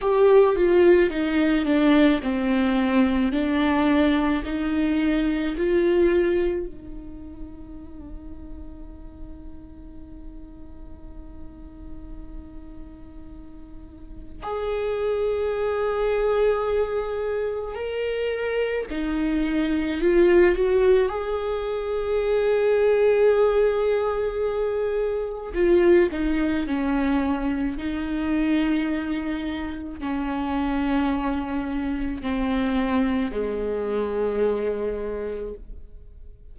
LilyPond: \new Staff \with { instrumentName = "viola" } { \time 4/4 \tempo 4 = 54 g'8 f'8 dis'8 d'8 c'4 d'4 | dis'4 f'4 dis'2~ | dis'1~ | dis'4 gis'2. |
ais'4 dis'4 f'8 fis'8 gis'4~ | gis'2. f'8 dis'8 | cis'4 dis'2 cis'4~ | cis'4 c'4 gis2 | }